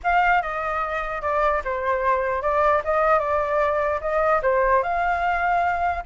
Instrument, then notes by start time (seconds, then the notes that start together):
flute
0.03 F5
0.42 D#5
1.21 D5
1.64 C5
2.42 D5
2.84 D#5
3.19 D5
4.00 D#5
4.42 C5
4.82 F5